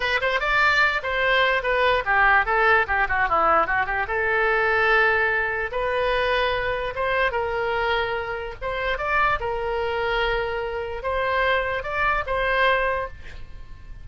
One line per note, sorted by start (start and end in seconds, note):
0.00 0.19 B4
0.21 0.40 C5
0.40 1.01 D5
1.02 1.62 C5
1.62 2.03 B4
2.05 2.45 G4
2.45 2.86 A4
2.87 3.07 G4
3.08 3.29 F#4
3.29 3.66 E4
3.66 3.86 F#4
3.86 4.06 G4
4.07 5.71 A4
5.71 6.94 B4
6.95 7.31 C5
7.31 8.54 A#4
8.61 8.98 C5
8.98 9.39 D5
9.40 11.02 A#4
11.02 11.83 C5
11.83 12.23 D5
12.26 13.07 C5